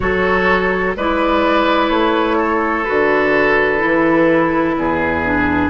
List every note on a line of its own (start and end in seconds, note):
0.00 0.95 F#3
0.00 0.95 F#4
0.00 0.96 A4
0.00 0.94 C#5
0.95 1.89 G#3
0.95 2.86 E4
0.95 2.37 B4
0.95 1.89 D5
1.89 2.85 A3
1.89 2.84 C#5
2.37 4.75 A4
2.84 3.83 D3
2.84 3.78 F#4
2.84 5.69 B4
3.78 4.77 E3
3.78 5.21 E4
4.77 5.69 E2
4.77 5.69 G#4
5.24 5.69 D4